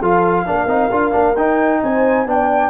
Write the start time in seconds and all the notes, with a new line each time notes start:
0.00 F3 F4 A4 F5
0.47 A#3 D4 A#4
0.67 C4 D#4
0.92 D4 F4
1.12 A#3 D4
1.36 D#4 G5
1.83 C4 C5 G#5
2.26 B3 D4 D5 G5